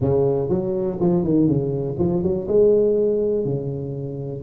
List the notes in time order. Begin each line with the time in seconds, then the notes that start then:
0.00 C#3
0.49 F#3
1.00 F3
1.24 D#3
1.47 C#3
1.98 F3
2.22 F#3
2.48 G#3
3.44 C#3